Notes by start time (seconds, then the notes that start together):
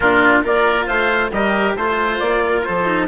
0.00 A#2 D4 F4 A#4
0.43 A#3 F4 A#4 D5
0.86 A3 C5 F5
1.31 G3 G4 A#4 D#5
1.75 A3 F4 C5
2.19 A#3 D5
2.45 A#4
2.64 F3 A4 C5
2.84 D#4